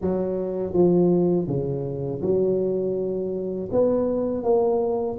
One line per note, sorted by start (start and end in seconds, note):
0.01 0.73 F#3
0.73 1.47 F3
1.47 2.21 C#3
2.21 3.69 F#3
3.71 4.43 B3
4.43 5.18 A#3